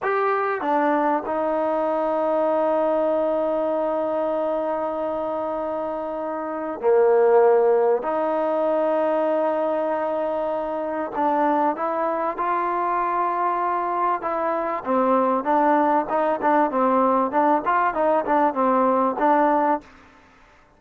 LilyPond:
\new Staff \with { instrumentName = "trombone" } { \time 4/4 \tempo 4 = 97 g'4 d'4 dis'2~ | dis'1~ | dis'2. ais4~ | ais4 dis'2.~ |
dis'2 d'4 e'4 | f'2. e'4 | c'4 d'4 dis'8 d'8 c'4 | d'8 f'8 dis'8 d'8 c'4 d'4 | }